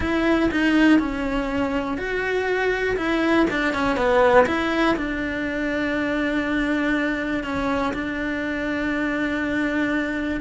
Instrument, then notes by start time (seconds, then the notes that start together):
cello
0.00 E4
0.51 D#4
0.99 C#4
1.97 F#4
2.96 E4
3.50 D4
3.73 C#4
3.96 B3
4.46 E4
4.96 D4
7.43 C#4
7.93 D4